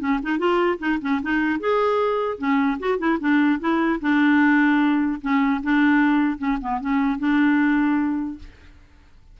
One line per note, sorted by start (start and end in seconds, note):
0.00 0.20 C#4
0.23 0.39 D#4
0.39 0.79 F4
0.79 0.99 D#4
1.01 1.21 C#4
1.23 1.60 D#4
1.60 2.38 G#4
2.38 2.78 C#4
2.80 2.99 F#4
2.99 3.19 E4
3.20 3.60 D4
3.60 4.00 E4
4.01 5.21 D4
5.21 5.61 C#4
5.63 6.38 D4
6.38 6.58 C#4
6.61 6.81 B3
6.81 7.19 C#4
7.19 8.39 D4